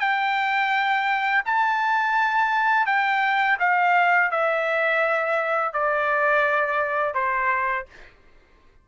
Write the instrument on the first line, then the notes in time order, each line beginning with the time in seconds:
trumpet
0.00 G5
1.46 A5
2.86 G5
3.60 F5
4.31 E5
5.73 D5
7.15 C5